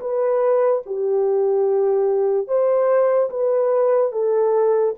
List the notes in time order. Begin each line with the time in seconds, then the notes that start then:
0.00 B4
0.86 G4
2.47 C5
3.30 B4
4.12 A4